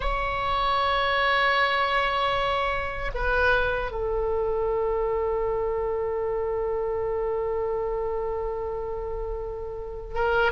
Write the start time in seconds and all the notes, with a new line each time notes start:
0.00 C#5
3.14 B4
3.91 A4
10.14 A#4